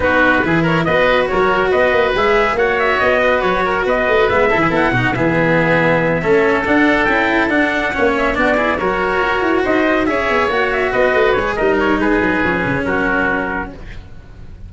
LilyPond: <<
  \new Staff \with { instrumentName = "trumpet" } { \time 4/4 \tempo 4 = 140 b'4. cis''8 dis''4 cis''4 | dis''4 e''4 fis''8 e''8 dis''4 | cis''4 dis''4 e''4 fis''4 | e''2.~ e''8 fis''8~ |
fis''8 g''4 fis''4. e''8 d''8~ | d''8 cis''2 dis''4 e''8~ | e''8 fis''8 e''8 dis''4 cis''8 dis''8 cis''8 | b'2 ais'2 | }
  \new Staff \with { instrumentName = "oboe" } { \time 4/4 fis'4 gis'8 ais'8 b'4 ais'4 | b'2 cis''4. b'8~ | b'8 ais'8 b'4. a'16 gis'16 a'8 fis'8 | gis'2~ gis'8 a'4.~ |
a'2~ a'8 cis''4 fis'8 | gis'8 ais'2 c''4 cis''8~ | cis''4. b'4. ais'4 | gis'2 fis'2 | }
  \new Staff \with { instrumentName = "cello" } { \time 4/4 dis'4 e'4 fis'2~ | fis'4 gis'4 fis'2~ | fis'2 b8 e'4 dis'8 | b2~ b8 cis'4 d'8~ |
d'8 e'4 d'4 cis'4 d'8 | e'8 fis'2. gis'8~ | gis'8 fis'2 gis'8 dis'4~ | dis'4 cis'2. | }
  \new Staff \with { instrumentName = "tuba" } { \time 4/4 b4 e4 b4 fis4 | b8 ais8 gis4 ais4 b4 | fis4 b8 a8 gis8 e8 b8 b,8 | e2~ e8 a4 d'8~ |
d'8 cis'4 d'4 ais4 b8~ | b8 fis4 fis'8 e'8 dis'4 cis'8 | b8 ais4 b8 a8 gis8 g4 | gis8 fis8 f8 cis8 fis2 | }
>>